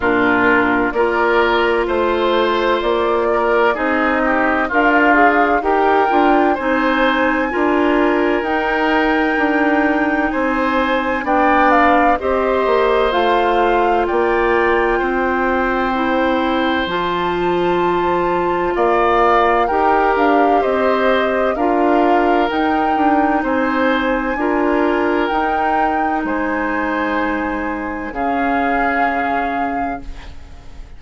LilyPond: <<
  \new Staff \with { instrumentName = "flute" } { \time 4/4 \tempo 4 = 64 ais'4 d''4 c''4 d''4 | dis''4 f''4 g''4 gis''4~ | gis''4 g''2 gis''4 | g''8 f''8 dis''4 f''4 g''4~ |
g''2 a''2 | f''4 g''8 f''8 dis''4 f''4 | g''4 gis''2 g''4 | gis''2 f''2 | }
  \new Staff \with { instrumentName = "oboe" } { \time 4/4 f'4 ais'4 c''4. ais'8 | gis'8 g'8 f'4 ais'4 c''4 | ais'2. c''4 | d''4 c''2 d''4 |
c''1 | d''4 ais'4 c''4 ais'4~ | ais'4 c''4 ais'2 | c''2 gis'2 | }
  \new Staff \with { instrumentName = "clarinet" } { \time 4/4 d'4 f'2. | dis'4 ais'8 gis'8 g'8 f'8 dis'4 | f'4 dis'2. | d'4 g'4 f'2~ |
f'4 e'4 f'2~ | f'4 g'2 f'4 | dis'2 f'4 dis'4~ | dis'2 cis'2 | }
  \new Staff \with { instrumentName = "bassoon" } { \time 4/4 ais,4 ais4 a4 ais4 | c'4 d'4 dis'8 d'8 c'4 | d'4 dis'4 d'4 c'4 | b4 c'8 ais8 a4 ais4 |
c'2 f2 | ais4 dis'8 d'8 c'4 d'4 | dis'8 d'8 c'4 d'4 dis'4 | gis2 cis2 | }
>>